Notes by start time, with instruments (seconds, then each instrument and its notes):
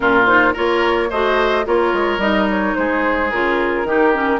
0.00 bassoon A#2, clarinet C#4, oboe F4, flute A#4
0.26 clarinet D#4, flute C5
0.53 bassoon A#3, clarinet F4, oboe A#4, flute C#5
1.10 bassoon A3, clarinet F#4, oboe C5, flute D#5
1.64 bassoon A#3, clarinet F4, oboe A#4, flute C#5
1.93 bassoon G#3
2.17 bassoon G3, clarinet D#4, flute D#5
2.50 flute C#5
2.75 bassoon G#3, oboe G#4, flute C5
3.30 bassoon C#3, clarinet F4, flute A#4
3.83 bassoon D#3, clarinet D#4, oboe G4
4.13 clarinet C#4